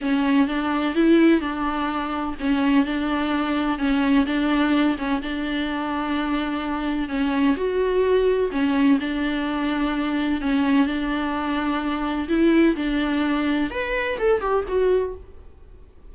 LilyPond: \new Staff \with { instrumentName = "viola" } { \time 4/4 \tempo 4 = 127 cis'4 d'4 e'4 d'4~ | d'4 cis'4 d'2 | cis'4 d'4. cis'8 d'4~ | d'2. cis'4 |
fis'2 cis'4 d'4~ | d'2 cis'4 d'4~ | d'2 e'4 d'4~ | d'4 b'4 a'8 g'8 fis'4 | }